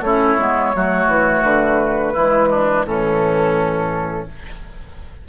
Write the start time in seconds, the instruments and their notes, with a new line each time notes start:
0.00 bassoon A3, clarinet C#4, oboe E4, flute C#5
0.38 bassoon G#3, clarinet B3
0.74 bassoon F#3, clarinet A3, oboe F#4
1.06 bassoon E3
1.43 bassoon D3, flute B4
2.13 bassoon E3, clarinet G#3, oboe E4
2.50 oboe D4
2.85 bassoon A2, clarinet E3, oboe C#4, flute A4